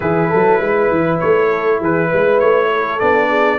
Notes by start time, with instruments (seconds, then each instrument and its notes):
0.00 tuba E3, trombone E4, horn G#4, trumpet B4
0.29 tuba F#3, horn A4
0.58 tuba G#3, horn B4
0.90 tuba E3
1.19 tuba A3, trumpet C#5
1.49 horn A4
1.80 tuba E3, horn G#4, trumpet B4
2.07 tuba G#3, horn B4
2.39 tuba A3, trumpet C#5
2.71 horn A4
2.99 tuba B3, trombone D4, trumpet D5
3.28 horn G#4